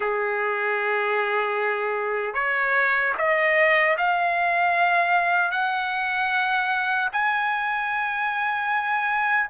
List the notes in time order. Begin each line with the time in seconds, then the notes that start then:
0.00 G#4
2.34 C#5
3.18 D#5
3.97 F5
5.51 F#5
7.12 G#5